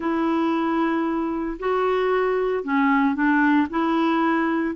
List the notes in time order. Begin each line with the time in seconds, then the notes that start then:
0.00 E4
1.59 F#4
2.63 C#4
3.14 D4
3.69 E4